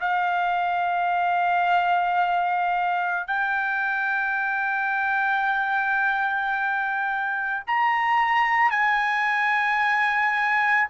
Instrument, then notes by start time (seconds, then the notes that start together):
trumpet
0.00 F5
3.27 G5
7.67 A#5
8.70 G#5